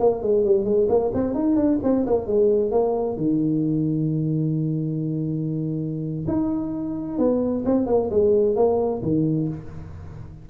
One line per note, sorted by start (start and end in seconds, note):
0.00 0.22 A#3
0.22 0.45 G#3
0.45 0.65 G3
0.65 0.87 G#3
0.89 1.12 A#3
1.14 1.35 C4
1.35 1.56 D#4
1.56 1.79 D4
1.83 2.06 C4
2.07 2.27 A#3
2.27 2.71 G#3
2.71 3.17 A#3
3.17 6.26 D#3
6.28 7.19 D#4
7.19 7.64 B3
7.65 7.87 C4
7.87 8.10 A#3
8.11 8.56 G#3
8.56 9.02 A#3
9.02 9.48 D#3